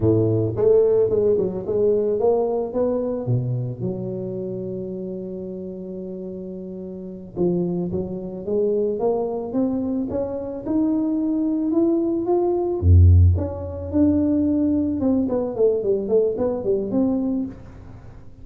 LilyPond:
\new Staff \with { instrumentName = "tuba" } { \time 4/4 \tempo 4 = 110 a,4 a4 gis8 fis8 gis4 | ais4 b4 b,4 fis4~ | fis1~ | fis4. f4 fis4 gis8~ |
gis8 ais4 c'4 cis'4 dis'8~ | dis'4. e'4 f'4 f,8~ | f,8 cis'4 d'2 c'8 | b8 a8 g8 a8 b8 g8 c'4 | }